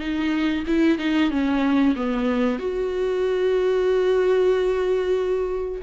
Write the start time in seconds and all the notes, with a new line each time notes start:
0.00 D#4
0.67 E4
0.99 D#4
1.31 C#4
1.96 B3
2.60 F#4